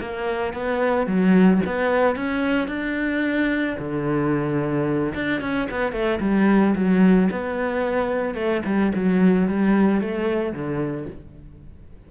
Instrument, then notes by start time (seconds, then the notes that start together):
cello
0.00 A#3
0.53 B3
1.07 F#3
1.66 B3
2.16 C#4
2.68 D4
3.78 D3
5.14 D4
5.41 C#4
5.71 B3
5.92 A3
6.20 G3
6.75 F#3
7.31 B3
8.35 A3
8.65 G3
8.95 F#3
9.48 G3
10.01 A3
10.53 D3